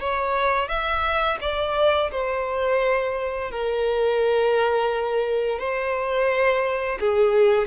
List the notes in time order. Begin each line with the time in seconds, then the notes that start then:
0.00 C#5
0.68 E5
1.40 D5
2.11 C5
3.50 A#4
5.58 C5
6.99 G#4